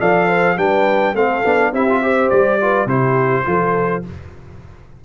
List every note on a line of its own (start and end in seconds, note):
0.00 0.57 F3
0.00 0.57 A4
0.00 0.28 D5
0.00 0.58 F5
0.28 0.56 C5
0.57 1.14 G3
0.57 1.15 D4
0.57 1.15 B4
0.57 1.15 G5
1.14 1.43 A3
1.14 1.44 C4
1.14 1.72 A4
1.14 1.74 F5
1.45 1.72 B3
1.45 1.73 D4
1.72 2.30 C4
1.72 1.88 E4
1.72 2.02 G4
1.72 2.30 E5
1.89 2.02 F4
2.02 2.60 G4
2.02 2.61 C5
2.30 2.86 G3
2.30 2.88 D5
2.61 2.88 F4
2.61 2.87 B4
2.86 3.43 C3
2.86 3.44 E4
2.86 3.45 G4
2.86 4.04 C5
3.44 4.04 F3
3.44 4.02 F4
3.44 4.05 A4